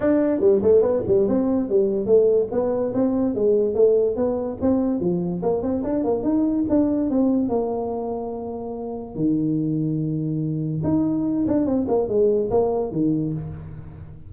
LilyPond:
\new Staff \with { instrumentName = "tuba" } { \time 4/4 \tempo 4 = 144 d'4 g8 a8 b8 g8 c'4 | g4 a4 b4 c'4 | gis4 a4 b4 c'4 | f4 ais8 c'8 d'8 ais8 dis'4 |
d'4 c'4 ais2~ | ais2 dis2~ | dis2 dis'4. d'8 | c'8 ais8 gis4 ais4 dis4 | }